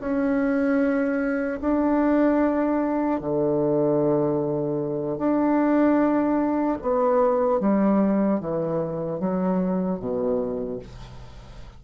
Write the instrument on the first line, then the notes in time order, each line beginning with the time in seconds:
bassoon
0.00 C#4
1.61 D4
3.20 D3
5.18 D4
6.81 B3
7.60 G3
8.40 E3
9.20 F#3
9.99 B2